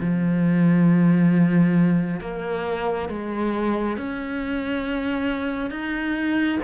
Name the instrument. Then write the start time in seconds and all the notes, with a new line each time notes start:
cello
0.00 F3
2.21 A#3
3.09 G#3
3.97 C#4
5.70 D#4